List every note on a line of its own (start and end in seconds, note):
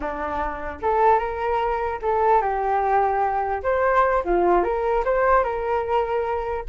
0.00 0.79 D4
0.82 1.18 A4
1.18 1.99 A#4
2.02 2.41 A4
2.41 3.62 G4
3.63 4.23 C5
4.24 4.63 F4
4.63 5.03 A#4
5.04 5.43 C5
5.43 6.64 A#4